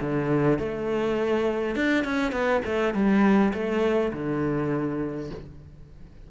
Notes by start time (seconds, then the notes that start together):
0.00 D3
0.58 A3
1.75 D4
2.04 C#4
2.32 B3
2.65 A3
2.93 G3
3.53 A3
4.12 D3